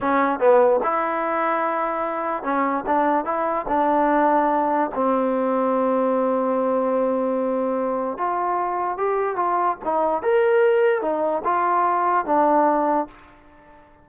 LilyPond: \new Staff \with { instrumentName = "trombone" } { \time 4/4 \tempo 4 = 147 cis'4 b4 e'2~ | e'2 cis'4 d'4 | e'4 d'2. | c'1~ |
c'1 | f'2 g'4 f'4 | dis'4 ais'2 dis'4 | f'2 d'2 | }